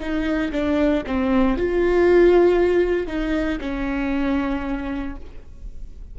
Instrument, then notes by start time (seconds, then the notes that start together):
viola
0.00 D#4
0.52 D4
1.07 C4
1.58 F4
3.08 D#4
3.61 C#4